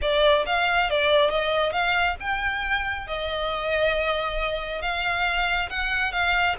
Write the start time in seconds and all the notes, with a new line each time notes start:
0.01 D5
0.46 F5
0.90 D5
1.30 D#5
1.72 F5
2.20 G5
3.07 D#5
4.81 F5
5.69 F#5
6.12 F5